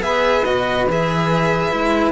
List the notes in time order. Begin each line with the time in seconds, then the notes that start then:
0.00 B3 G#4 B4 E5
0.45 B2 F#4 D#5
0.88 E3 G#4 E5
1.72 G#3 E4